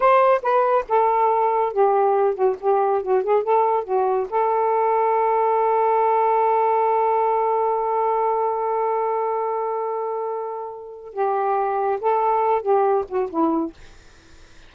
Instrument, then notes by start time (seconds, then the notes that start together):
saxophone
0.00 C5
0.42 B4
0.88 A4
1.73 G4
2.34 F#4
2.60 G4
3.02 F#4
3.23 G#4
3.43 A4
3.84 F#4
4.29 A4
11.13 G4
12.00 A4
12.62 G4
13.08 F#4
13.30 E4